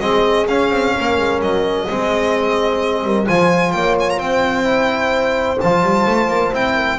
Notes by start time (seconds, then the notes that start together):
0.00 G#3 C4 G#4 D#5
0.47 C#4 F5
0.70 C4
0.97 A#3 A#4
1.18 G#3
1.41 F#3 D#5
1.87 G#3 C4 G#4
3.04 G3 A#4
3.26 F3 F4 C5 G#5
3.72 A#3 C#5 G5
4.00 G#5
4.09 A#5
4.18 C4 C5 G5
4.64 E4
5.60 F3 F4 A5
5.82 G3
6.07 A3
6.28 A#3
6.52 C4 E4 G5
6.74 A#4